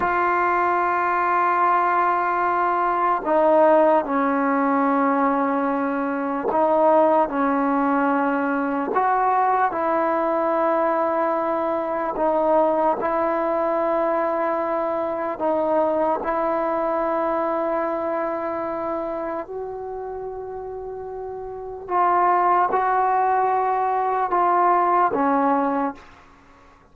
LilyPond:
\new Staff \with { instrumentName = "trombone" } { \time 4/4 \tempo 4 = 74 f'1 | dis'4 cis'2. | dis'4 cis'2 fis'4 | e'2. dis'4 |
e'2. dis'4 | e'1 | fis'2. f'4 | fis'2 f'4 cis'4 | }